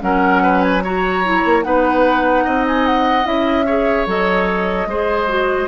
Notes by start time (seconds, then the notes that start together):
0.00 F#3 C#4 A#4 F#5
0.42 B4
0.62 G#5
0.83 F#4 C#5 A#5
1.24 E4
1.45 A#3
1.63 B3 D#4 B4 F#5
2.44 C4 D#5
2.67 G#5
2.86 F#5
3.24 C#4 E4 E5
3.66 G#4 C#5
4.06 F#3 A4 D#5
4.86 G#3 G#4 C5
5.28 F#4